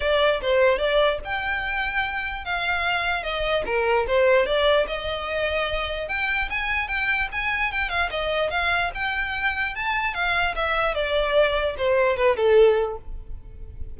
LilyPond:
\new Staff \with { instrumentName = "violin" } { \time 4/4 \tempo 4 = 148 d''4 c''4 d''4 g''4~ | g''2 f''2 | dis''4 ais'4 c''4 d''4 | dis''2. g''4 |
gis''4 g''4 gis''4 g''8 f''8 | dis''4 f''4 g''2 | a''4 f''4 e''4 d''4~ | d''4 c''4 b'8 a'4. | }